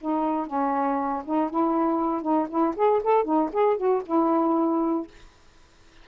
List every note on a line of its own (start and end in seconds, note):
0.00 0.46 D#4
0.46 1.23 C#4
1.25 1.50 D#4
1.50 2.21 E4
2.21 2.47 D#4
2.49 2.74 E4
2.76 3.01 G#4
3.03 3.24 A4
3.24 3.49 D#4
3.52 3.77 G#4
3.77 4.02 F#4
4.05 5.07 E4